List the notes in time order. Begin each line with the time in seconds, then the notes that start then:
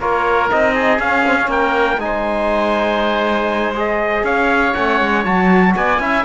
0.00 A#3 F4 A#4 C#5
0.50 C4 D#4 D#5
0.74 G#4
0.99 C#4 F5
1.25 C4
1.35 C#4
1.47 A#3 A#4 G5
1.97 G#3 D#4 G#5
2.04 C5
3.74 G#4 D#5
4.23 C#4 C#5 F5
4.74 A3 C#4 F#5
5.00 G#3
5.24 F#3 F#4 A5
5.75 B3 D5 G#5
5.99 C#4 E4 E5